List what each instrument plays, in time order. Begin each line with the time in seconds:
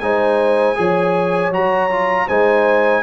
0.00 tuba G#3, trombone D#4, horn C5, trumpet G#5
0.76 tuba F3, trombone G#4, horn C#5
1.51 tuba F#3, trombone F#4, trumpet A#5
1.90 trombone F4
2.27 tuba G#3, trombone D#4, horn C5, trumpet G#5